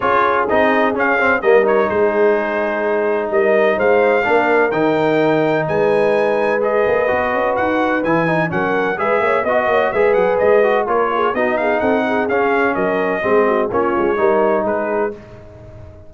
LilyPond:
<<
  \new Staff \with { instrumentName = "trumpet" } { \time 4/4 \tempo 4 = 127 cis''4 dis''4 f''4 dis''8 cis''8 | c''2. dis''4 | f''2 g''2 | gis''2 dis''2 |
fis''4 gis''4 fis''4 e''4 | dis''4 e''8 fis''8 dis''4 cis''4 | dis''8 f''8 fis''4 f''4 dis''4~ | dis''4 cis''2 b'4 | }
  \new Staff \with { instrumentName = "horn" } { \time 4/4 gis'2. ais'4 | gis'2. ais'4 | c''4 ais'2. | b'1~ |
b'2 ais'4 b'8 cis''8 | dis''8 cis''8 b'2 ais'8 gis'8 | fis'8 gis'8 a'8 gis'4. ais'4 | gis'8 fis'8 f'4 ais'4 gis'4 | }
  \new Staff \with { instrumentName = "trombone" } { \time 4/4 f'4 dis'4 cis'8 c'8 ais8 dis'8~ | dis'1~ | dis'4 d'4 dis'2~ | dis'2 gis'4 fis'4~ |
fis'4 e'8 dis'8 cis'4 gis'4 | fis'4 gis'4. fis'8 f'4 | dis'2 cis'2 | c'4 cis'4 dis'2 | }
  \new Staff \with { instrumentName = "tuba" } { \time 4/4 cis'4 c'4 cis'4 g4 | gis2. g4 | gis4 ais4 dis2 | gis2~ gis8 ais8 b8 cis'8 |
dis'4 e4 fis4 gis8 ais8 | b8 ais8 gis8 fis8 gis4 ais4 | b4 c'4 cis'4 fis4 | gis4 ais8 gis8 g4 gis4 | }
>>